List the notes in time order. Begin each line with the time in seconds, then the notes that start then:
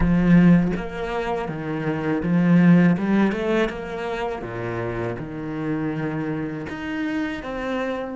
0.00 F3
0.76 A#3
1.48 D#3
2.22 F3
2.98 G3
3.32 A3
3.69 A#3
4.41 A#2
5.18 D#3
6.69 D#4
7.42 C4